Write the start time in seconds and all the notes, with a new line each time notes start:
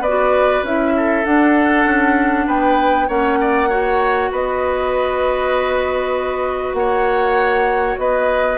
0.00 B3 B4 D5
0.08 F#4
0.63 C#4 E4 E5
0.97 A4
1.25 D4 F#5
1.86 C#4
2.47 B3 B4 G5
3.08 A#3 C#4 C#5 F#5
3.41 D5
3.69 F#4 C#5
4.32 B3 B4 D#5
6.74 A#3 C#5 F#5
7.98 B3 B4 D#5